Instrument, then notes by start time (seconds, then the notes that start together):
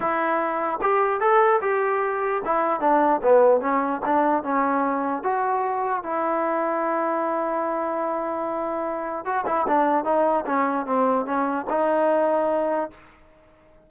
trombone
0.00 E4
0.81 G4
1.20 A4
1.61 G4
2.45 E4
2.80 D4
3.22 B3
3.60 C#4
4.05 D4
4.43 C#4
5.23 F#4
6.03 E4
9.25 F#4
9.46 E4
9.67 D4
10.04 D#4
10.46 C#4
10.85 C4
11.25 C#4
11.69 D#4